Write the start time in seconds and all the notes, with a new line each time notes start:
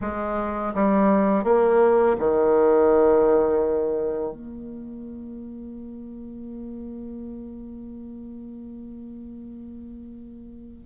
0.01 G#3
0.74 G3
1.44 A#3
2.19 D#3
4.32 A#3